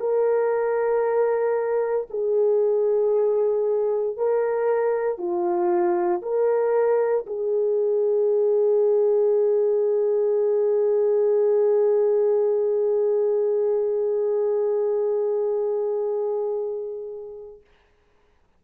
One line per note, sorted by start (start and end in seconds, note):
0.00 2.07 A#4
2.10 4.17 G#4
4.17 5.18 A#4
5.18 6.21 F4
6.22 7.26 A#4
7.26 17.61 G#4